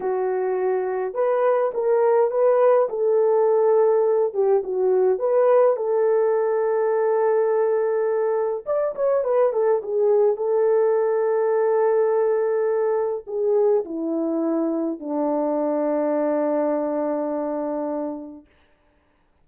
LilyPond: \new Staff \with { instrumentName = "horn" } { \time 4/4 \tempo 4 = 104 fis'2 b'4 ais'4 | b'4 a'2~ a'8 g'8 | fis'4 b'4 a'2~ | a'2. d''8 cis''8 |
b'8 a'8 gis'4 a'2~ | a'2. gis'4 | e'2 d'2~ | d'1 | }